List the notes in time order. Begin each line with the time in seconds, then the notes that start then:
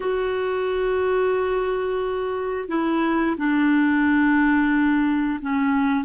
0.00 F#4
2.68 E4
3.37 D4
5.41 C#4